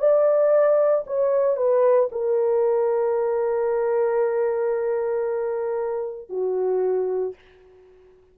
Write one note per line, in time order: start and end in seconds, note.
0.00 1.05 D5
1.07 1.57 C#5
1.57 2.10 B4
2.12 6.30 A#4
6.30 7.35 F#4